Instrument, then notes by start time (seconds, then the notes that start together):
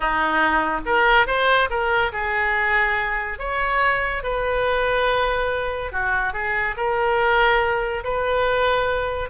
oboe
0.00 D#4
0.85 A#4
1.27 C5
1.69 A#4
2.12 G#4
3.38 C#5
4.23 B4
5.92 F#4
6.33 G#4
6.76 A#4
8.04 B4